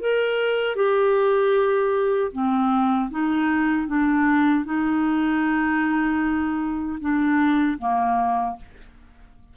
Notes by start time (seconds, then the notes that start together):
0.00 A#4
0.76 G4
2.32 C4
3.11 D#4
3.87 D4
4.65 D#4
7.00 D4
7.79 A#3